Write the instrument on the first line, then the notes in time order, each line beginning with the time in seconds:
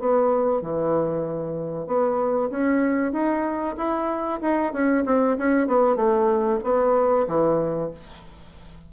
bassoon
0.00 B3
0.62 E3
1.87 B3
2.51 C#4
3.13 D#4
3.78 E4
4.42 D#4
4.73 C#4
5.06 C4
5.38 C#4
5.67 B3
5.96 A3
6.64 B3
7.28 E3